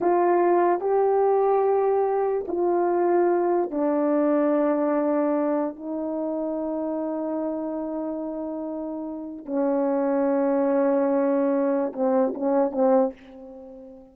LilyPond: \new Staff \with { instrumentName = "horn" } { \time 4/4 \tempo 4 = 146 f'2 g'2~ | g'2 f'2~ | f'4 d'2.~ | d'2 dis'2~ |
dis'1~ | dis'2. cis'4~ | cis'1~ | cis'4 c'4 cis'4 c'4 | }